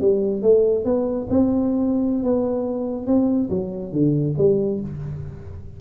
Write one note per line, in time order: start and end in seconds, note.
0.00 0.42 G3
0.42 0.84 A3
0.84 1.27 B3
1.30 2.23 C4
2.23 3.06 B3
3.06 3.49 C4
3.50 3.92 F#3
3.92 4.34 D3
4.38 4.80 G3